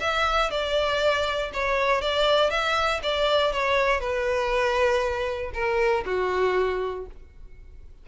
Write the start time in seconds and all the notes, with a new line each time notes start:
0.00 E5
0.50 D5
1.53 C#5
2.01 D5
2.50 E5
3.03 D5
3.52 C#5
4.00 B4
5.53 A#4
6.05 F#4